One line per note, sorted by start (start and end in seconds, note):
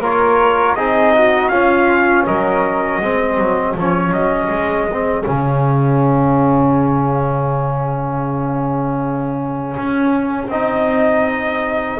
0.00 0.75 A#3
0.00 0.78 F4
0.00 0.76 A#4
0.00 0.76 C#5
0.75 1.50 C4
0.75 1.53 D#4
0.75 1.14 G#4
0.75 1.49 D#5
1.15 1.51 F#4
1.49 2.25 C#4
1.49 3.03 C#4
1.49 2.26 F4
1.49 2.24 F5
2.27 3.02 F#3
2.27 3.03 A#4
2.27 3.77 D#5
3.02 3.38 G#3
3.02 3.78 C4
3.02 12.00 G#4
3.38 3.76 F#3
3.76 4.12 F3
3.76 4.91 C#4
3.76 4.14 C#5
4.12 4.49 F#3
4.12 5.26 D#5
4.50 5.25 G#3
4.92 5.24 C4
5.24 9.77 C#3
5.24 10.49 C#4
5.24 10.51 F5
9.78 10.48 C#4
10.48 11.98 C4
10.48 12.00 D#4
10.48 12.00 D#5